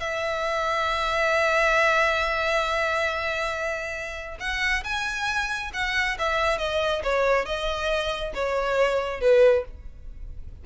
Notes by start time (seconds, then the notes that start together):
0.00 E5
4.40 F#5
4.84 G#5
5.74 F#5
6.19 E5
6.59 D#5
7.04 C#5
7.46 D#5
8.35 C#5
9.21 B4